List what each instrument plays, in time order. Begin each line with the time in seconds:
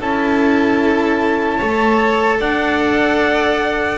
0.00 double bass C#4, cello E4, violin A4, trumpet A5
1.58 double bass A3, cello A4, violin C#5
2.40 double bass D4, violin D5, trumpet F#5